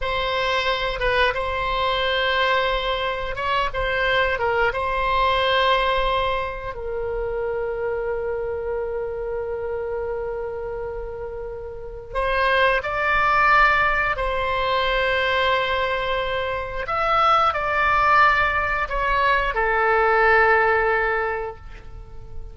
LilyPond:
\new Staff \with { instrumentName = "oboe" } { \time 4/4 \tempo 4 = 89 c''4. b'8 c''2~ | c''4 cis''8 c''4 ais'8 c''4~ | c''2 ais'2~ | ais'1~ |
ais'2 c''4 d''4~ | d''4 c''2.~ | c''4 e''4 d''2 | cis''4 a'2. | }